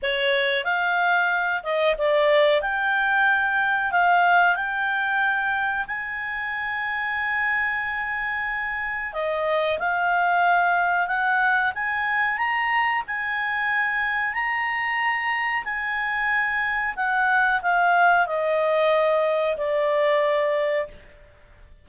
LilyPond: \new Staff \with { instrumentName = "clarinet" } { \time 4/4 \tempo 4 = 92 cis''4 f''4. dis''8 d''4 | g''2 f''4 g''4~ | g''4 gis''2.~ | gis''2 dis''4 f''4~ |
f''4 fis''4 gis''4 ais''4 | gis''2 ais''2 | gis''2 fis''4 f''4 | dis''2 d''2 | }